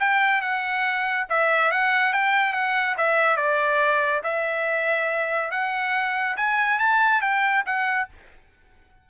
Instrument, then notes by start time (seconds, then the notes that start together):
trumpet
0.00 G5
0.42 F#5
1.30 E5
1.72 F#5
2.13 G5
2.53 F#5
2.98 E5
3.37 D5
4.23 E5
5.51 F#5
6.37 G#5
6.79 A5
7.22 G5
7.66 F#5